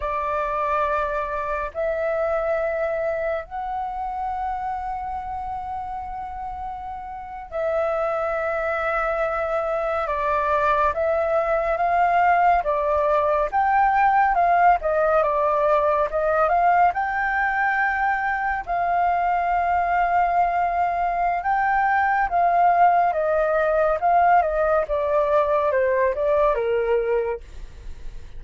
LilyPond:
\new Staff \with { instrumentName = "flute" } { \time 4/4 \tempo 4 = 70 d''2 e''2 | fis''1~ | fis''8. e''2. d''16~ | d''8. e''4 f''4 d''4 g''16~ |
g''8. f''8 dis''8 d''4 dis''8 f''8 g''16~ | g''4.~ g''16 f''2~ f''16~ | f''4 g''4 f''4 dis''4 | f''8 dis''8 d''4 c''8 d''8 ais'4 | }